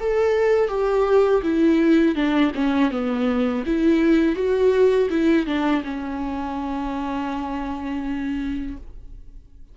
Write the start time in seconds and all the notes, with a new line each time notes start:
0.00 A4
0.69 G4
1.43 E4
2.16 D4
2.55 C#4
2.91 B3
3.66 E4
4.36 F#4
5.10 E4
5.46 D4
5.84 C#4